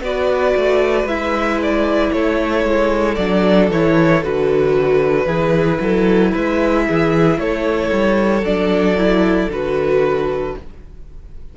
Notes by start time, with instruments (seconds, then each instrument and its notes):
0.00 cello B3, viola F#4, violin B4 D5
0.56 cello A3
1.04 cello G#3, viola E4, violin E5
1.62 violin D5
2.12 cello A3, violin A4 C#5
2.64 cello G#3
3.14 cello F#3, viola D4, violin D5
3.70 cello E3, viola E4, violin C#5
4.23 cello D3, viola F#4, violin B4
5.25 cello E3, viola E4, violin G#4
5.80 cello F#3, violin A4
6.31 cello G#3, violin B4 E5
6.87 cello E3, violin G#4
7.37 cello A3, violin A4 C#5
7.91 cello G3
8.41 cello F#3, viola D4, violin D5
8.97 viola E4
9.48 cello D3, viola F#4, violin B4